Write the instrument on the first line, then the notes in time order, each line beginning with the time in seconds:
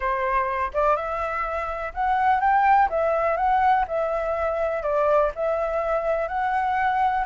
flute
0.00 C5
0.73 D5
0.96 E5
1.94 F#5
2.40 G5
2.89 E5
3.36 F#5
3.87 E5
4.82 D5
5.35 E5
6.28 F#5